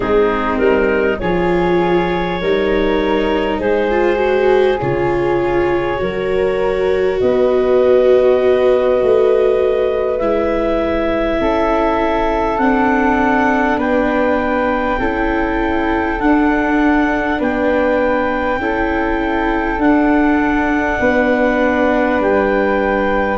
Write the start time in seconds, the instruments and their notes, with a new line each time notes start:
0.00 tuba G#3, viola C4, flute D#4, clarinet G#4
0.57 tuba G3, clarinet A#4
1.19 tuba F3, viola F4, flute G#4, clarinet C#5
2.41 tuba G3, viola D#4, flute A#4
3.58 tuba G#3, flute G#4, clarinet C5
3.91 viola F4
4.16 viola F#4
4.80 tuba C#3, viola F4, clarinet C#5
5.97 tuba F#3, viola F#4, flute A#4
7.20 tuba B3, flute B4, clarinet D#5
9.02 tuba A3
10.19 tuba G#3, viola E4, clarinet E5
11.40 tuba C#4, flute A4
12.58 tuba C4, viola D4, clarinet F#5
13.76 tuba B3, flute B4, clarinet G5
14.98 tuba C#4, viola E4, flute A4
16.19 tuba D4, viola D4, clarinet F#5
17.38 tuba B3, flute B4, clarinet G5
18.57 tuba C#4, viola E4, flute A4
19.77 tuba D4, viola D4, clarinet F#5
21.00 tuba B3, flute B4
22.20 tuba G3, clarinet G5